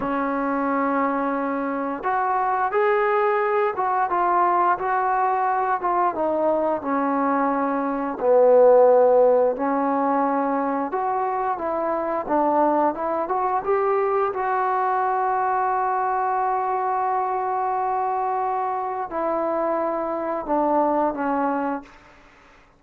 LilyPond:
\new Staff \with { instrumentName = "trombone" } { \time 4/4 \tempo 4 = 88 cis'2. fis'4 | gis'4. fis'8 f'4 fis'4~ | fis'8 f'8 dis'4 cis'2 | b2 cis'2 |
fis'4 e'4 d'4 e'8 fis'8 | g'4 fis'2.~ | fis'1 | e'2 d'4 cis'4 | }